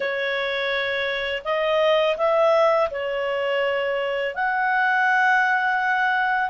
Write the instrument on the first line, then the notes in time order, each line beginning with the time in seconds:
clarinet
0.00 C#5
1.44 D#5
2.17 E5
2.90 C#5
4.34 F#5